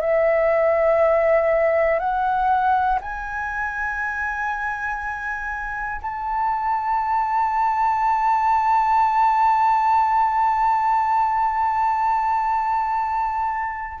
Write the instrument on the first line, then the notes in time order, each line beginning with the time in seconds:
flute
0.00 E5
1.99 F#5
3.01 G#5
6.01 A5